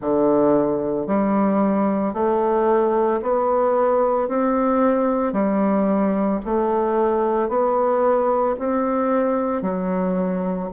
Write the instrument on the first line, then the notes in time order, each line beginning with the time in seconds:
bassoon
0.01 D3
1.07 G3
2.13 A3
3.21 B3
4.28 C4
5.33 G3
6.45 A3
7.48 B3
8.58 C4
9.62 F#3